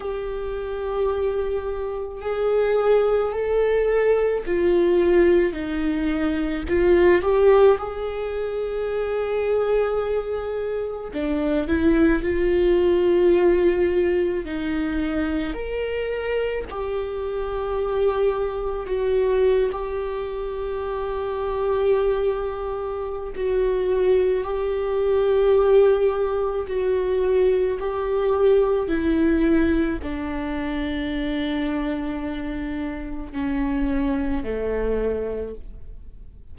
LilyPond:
\new Staff \with { instrumentName = "viola" } { \time 4/4 \tempo 4 = 54 g'2 gis'4 a'4 | f'4 dis'4 f'8 g'8 gis'4~ | gis'2 d'8 e'8 f'4~ | f'4 dis'4 ais'4 g'4~ |
g'4 fis'8. g'2~ g'16~ | g'4 fis'4 g'2 | fis'4 g'4 e'4 d'4~ | d'2 cis'4 a4 | }